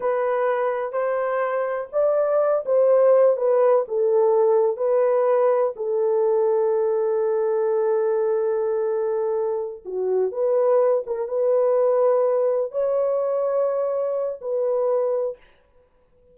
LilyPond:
\new Staff \with { instrumentName = "horn" } { \time 4/4 \tempo 4 = 125 b'2 c''2 | d''4. c''4. b'4 | a'2 b'2 | a'1~ |
a'1~ | a'8 fis'4 b'4. ais'8 b'8~ | b'2~ b'8 cis''4.~ | cis''2 b'2 | }